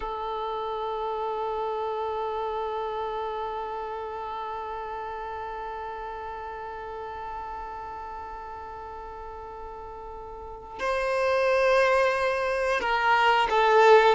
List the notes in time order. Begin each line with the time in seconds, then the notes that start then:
0.00 A4
10.79 C5
12.80 A#4
13.49 A4